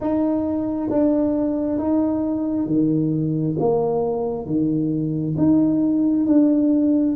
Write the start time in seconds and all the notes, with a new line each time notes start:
0.00 D#4
0.90 D4
1.78 D#4
2.66 D#3
3.59 A#3
4.45 D#3
5.37 D#4
6.26 D4